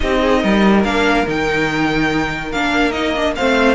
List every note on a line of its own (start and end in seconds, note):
0.00 0.43 C4
0.00 0.83 D#4
0.00 0.20 G4
0.00 0.84 D#5
0.20 0.40 G#4
0.40 0.84 G3
0.40 3.34 A#4
0.84 1.26 A#3
0.84 1.26 D4
0.84 1.26 F5
1.26 2.52 D#3
1.26 2.53 D#4
1.26 2.52 G5
2.52 3.36 A#3
2.52 2.93 D4
2.52 2.91 F5
2.91 3.14 D#4
2.91 3.33 D#5
3.15 3.36 D4
3.35 3.74 A3
3.35 3.74 C4
3.35 3.74 C5
3.35 3.74 F5